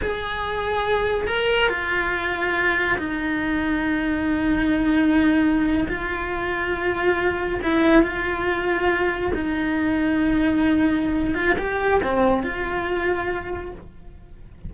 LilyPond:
\new Staff \with { instrumentName = "cello" } { \time 4/4 \tempo 4 = 140 gis'2. ais'4 | f'2. dis'4~ | dis'1~ | dis'4.~ dis'16 f'2~ f'16~ |
f'4.~ f'16 e'4 f'4~ f'16~ | f'4.~ f'16 dis'2~ dis'16~ | dis'2~ dis'8 f'8 g'4 | c'4 f'2. | }